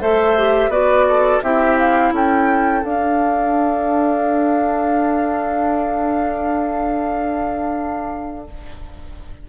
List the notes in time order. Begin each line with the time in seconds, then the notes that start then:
0.00 A3 A4 C5 E5
0.37 G4
0.68 B3 F#4 B4 D5
1.08 A4
1.42 C4 E4 G4 E5
1.78 F5
2.12 C#4 A4 G5
2.83 D4 F5